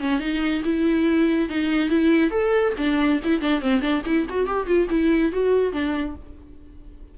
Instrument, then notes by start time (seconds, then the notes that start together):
viola
0.00 C#4
0.20 D#4
0.65 E4
1.49 D#4
1.90 E4
2.31 A4
2.78 D4
3.24 E4
3.41 D4
3.62 C4
3.81 D4
4.06 E4
4.30 F#4
4.47 G4
4.67 F4
4.90 E4
5.32 F#4
5.73 D4